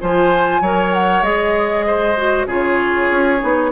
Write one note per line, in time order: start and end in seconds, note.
0.00 0.61 F3
0.00 0.62 F4
0.00 0.62 C5
0.00 0.94 G#5
0.61 1.22 F#3
0.61 1.23 A#4
0.61 1.85 C#5
0.94 1.23 F#5
1.22 2.46 G#3
1.22 2.16 G#4
1.22 2.46 D#5
1.87 2.47 C5
2.17 2.48 F#4
2.46 3.08 C#3
2.46 3.39 F4
2.46 3.71 G#4
2.46 3.72 C#5
3.11 3.41 C#4
3.39 3.72 B3
3.39 3.70 D#4